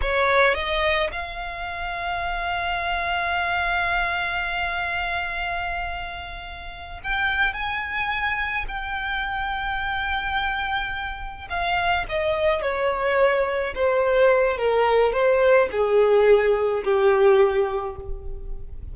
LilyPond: \new Staff \with { instrumentName = "violin" } { \time 4/4 \tempo 4 = 107 cis''4 dis''4 f''2~ | f''1~ | f''1~ | f''8 g''4 gis''2 g''8~ |
g''1~ | g''8 f''4 dis''4 cis''4.~ | cis''8 c''4. ais'4 c''4 | gis'2 g'2 | }